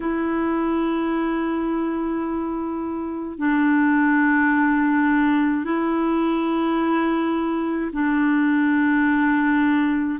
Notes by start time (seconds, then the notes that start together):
0.00 E4
3.38 D4
5.64 E4
7.92 D4